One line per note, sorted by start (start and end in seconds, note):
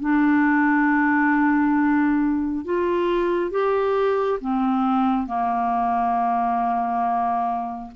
0.00 2.65 D4
2.65 3.51 F4
3.51 4.39 G4
4.40 5.27 C4
5.27 7.91 A#3